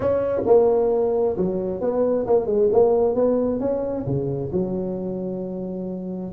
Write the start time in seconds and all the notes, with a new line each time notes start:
0.00 C#4
0.46 A#3
1.36 F#3
1.80 B3
2.26 A#3
2.46 G#3
2.72 A#3
3.14 B3
3.59 C#4
4.06 C#3
4.52 F#3